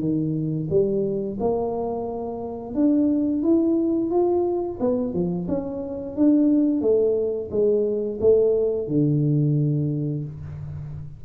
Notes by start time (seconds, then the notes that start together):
0.00 D#3
0.70 G3
1.40 A#3
2.75 D4
3.43 E4
4.11 F4
4.81 B3
5.14 F3
5.49 C#4
6.16 D4
6.82 A3
7.51 G#3
8.21 A3
8.88 D3